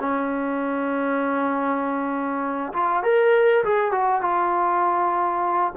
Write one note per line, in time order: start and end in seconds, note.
0.00 2.73 C#4
2.73 3.03 F4
3.03 3.64 A#4
3.64 3.91 G#4
3.91 4.22 F#4
4.22 5.73 F4